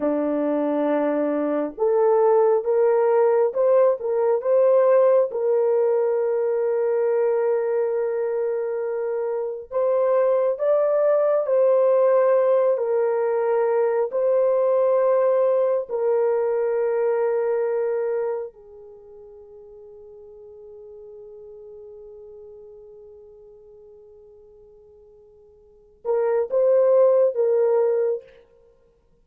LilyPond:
\new Staff \with { instrumentName = "horn" } { \time 4/4 \tempo 4 = 68 d'2 a'4 ais'4 | c''8 ais'8 c''4 ais'2~ | ais'2. c''4 | d''4 c''4. ais'4. |
c''2 ais'2~ | ais'4 gis'2.~ | gis'1~ | gis'4. ais'8 c''4 ais'4 | }